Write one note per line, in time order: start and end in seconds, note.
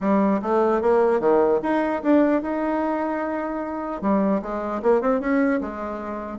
0.01 0.41 G3
0.42 0.81 A3
0.81 1.20 A#3
1.20 1.60 D#3
1.62 2.02 D#4
2.02 2.42 D4
2.42 4.01 D#4
4.01 4.41 G3
4.42 4.82 G#3
4.82 5.01 A#3
5.01 5.20 C4
5.20 5.60 C#4
5.60 6.38 G#3